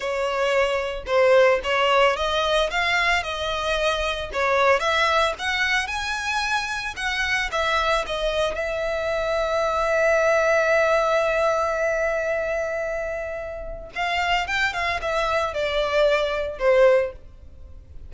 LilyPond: \new Staff \with { instrumentName = "violin" } { \time 4/4 \tempo 4 = 112 cis''2 c''4 cis''4 | dis''4 f''4 dis''2 | cis''4 e''4 fis''4 gis''4~ | gis''4 fis''4 e''4 dis''4 |
e''1~ | e''1~ | e''2 f''4 g''8 f''8 | e''4 d''2 c''4 | }